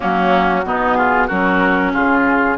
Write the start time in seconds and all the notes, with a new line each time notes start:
0.00 F#3 A#3 C#4 F#4
0.65 B2 B3 D#4
0.94 F4 G#4
1.27 F#3 C#4 F#4 A#4
1.93 C#3 F4 G#4